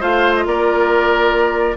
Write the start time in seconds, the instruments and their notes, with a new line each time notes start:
0.00 bassoon A3, clarinet F4, oboe C5, flute F5
0.35 flute D#5
0.46 bassoon A#3, oboe A#4, flute D5